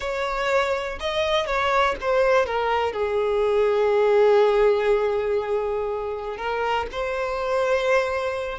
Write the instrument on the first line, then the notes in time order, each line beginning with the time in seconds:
violin
0.00 C#5
1.00 D#5
1.46 C#5
2.00 C5
2.46 A#4
2.93 G#4
6.37 A#4
6.91 C5